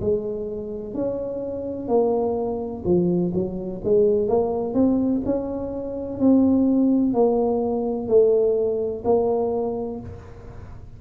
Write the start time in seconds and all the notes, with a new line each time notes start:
0.00 G#3
0.94 C#4
1.88 A#3
2.85 F3
3.34 F#3
3.84 G#3
4.28 A#3
4.74 C4
5.25 C#4
6.19 C4
7.13 A#3
8.08 A3
9.05 A#3